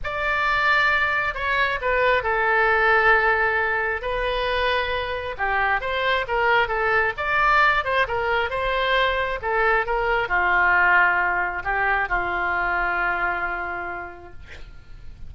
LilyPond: \new Staff \with { instrumentName = "oboe" } { \time 4/4 \tempo 4 = 134 d''2. cis''4 | b'4 a'2.~ | a'4 b'2. | g'4 c''4 ais'4 a'4 |
d''4. c''8 ais'4 c''4~ | c''4 a'4 ais'4 f'4~ | f'2 g'4 f'4~ | f'1 | }